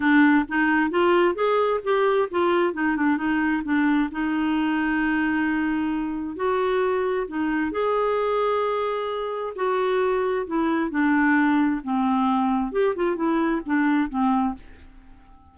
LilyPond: \new Staff \with { instrumentName = "clarinet" } { \time 4/4 \tempo 4 = 132 d'4 dis'4 f'4 gis'4 | g'4 f'4 dis'8 d'8 dis'4 | d'4 dis'2.~ | dis'2 fis'2 |
dis'4 gis'2.~ | gis'4 fis'2 e'4 | d'2 c'2 | g'8 f'8 e'4 d'4 c'4 | }